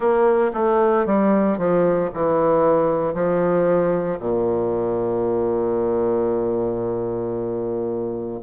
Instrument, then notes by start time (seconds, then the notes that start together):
bassoon
0.00 A#3
0.53 A3
1.06 G3
1.57 F3
2.13 E3
3.13 F3
4.19 A#2